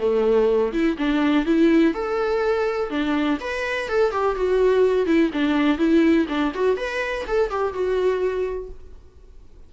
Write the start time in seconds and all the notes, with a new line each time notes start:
0.00 A3
0.73 E4
0.98 D4
1.46 E4
1.94 A4
2.90 D4
3.41 B4
3.89 A4
4.12 G4
4.36 F#4
5.06 E4
5.33 D4
5.78 E4
6.29 D4
6.55 F#4
6.77 B4
7.28 A4
7.50 G4
7.73 F#4